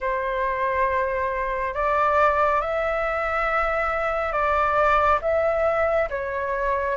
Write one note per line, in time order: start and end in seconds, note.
0.00 1.74 C5
1.74 2.61 D5
2.61 4.32 E5
4.32 5.19 D5
5.21 6.08 E5
6.09 6.96 C#5